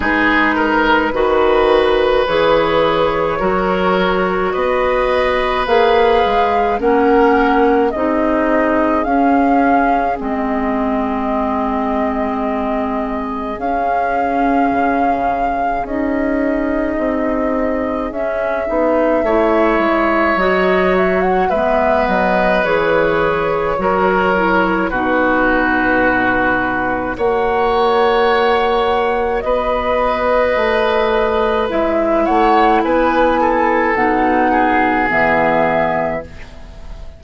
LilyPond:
<<
  \new Staff \with { instrumentName = "flute" } { \time 4/4 \tempo 4 = 53 b'2 cis''2 | dis''4 f''4 fis''4 dis''4 | f''4 dis''2. | f''2 dis''2 |
e''2 dis''8 e''16 fis''16 e''8 dis''8 | cis''2 b'2 | fis''2 dis''2 | e''8 fis''8 gis''4 fis''4 e''4 | }
  \new Staff \with { instrumentName = "oboe" } { \time 4/4 gis'8 ais'8 b'2 ais'4 | b'2 ais'4 gis'4~ | gis'1~ | gis'1~ |
gis'4 cis''2 b'4~ | b'4 ais'4 fis'2 | cis''2 b'2~ | b'8 cis''8 b'8 a'4 gis'4. | }
  \new Staff \with { instrumentName = "clarinet" } { \time 4/4 dis'4 fis'4 gis'4 fis'4~ | fis'4 gis'4 cis'4 dis'4 | cis'4 c'2. | cis'2 dis'2 |
cis'8 dis'8 e'4 fis'4 b4 | gis'4 fis'8 e'8 dis'2 | fis'1 | e'2 dis'4 b4 | }
  \new Staff \with { instrumentName = "bassoon" } { \time 4/4 gis4 dis4 e4 fis4 | b4 ais8 gis8 ais4 c'4 | cis'4 gis2. | cis'4 cis4 cis'4 c'4 |
cis'8 b8 a8 gis8 fis4 gis8 fis8 | e4 fis4 b,2 | ais2 b4 a4 | gis8 a8 b4 b,4 e4 | }
>>